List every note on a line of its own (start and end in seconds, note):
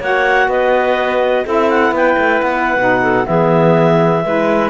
0.00 0.48 A#3
0.00 1.45 F#4
0.00 0.48 C#5
0.00 0.50 F#5
0.48 1.45 B3
0.48 1.46 B4
0.48 1.47 D#5
1.45 1.92 C4
1.45 2.78 E4
1.45 1.93 A4
1.45 1.70 E5
1.70 1.94 F#5
1.92 2.16 B3
1.92 3.02 B4
1.92 2.42 G5
2.18 2.42 A3
2.42 2.77 B3
2.42 3.27 F#5
2.77 3.25 B2
2.77 3.25 D#4
3.03 3.27 A4
3.25 4.25 E3
3.25 4.22 B3
3.25 4.25 G#4
3.25 4.70 E5
4.25 4.70 G#3
4.25 4.70 E4
4.25 4.70 B4